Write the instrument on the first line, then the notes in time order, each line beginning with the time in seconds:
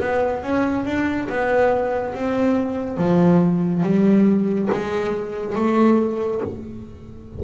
double bass
0.00 B3
0.42 C#4
0.85 D4
1.29 B3
2.15 C4
2.98 F3
3.83 G3
4.72 G#3
5.56 A3